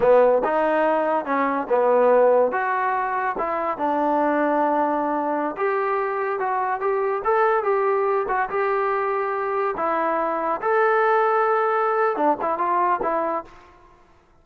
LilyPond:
\new Staff \with { instrumentName = "trombone" } { \time 4/4 \tempo 4 = 143 b4 dis'2 cis'4 | b2 fis'2 | e'4 d'2.~ | d'4~ d'16 g'2 fis'8.~ |
fis'16 g'4 a'4 g'4. fis'16~ | fis'16 g'2. e'8.~ | e'4~ e'16 a'2~ a'8.~ | a'4 d'8 e'8 f'4 e'4 | }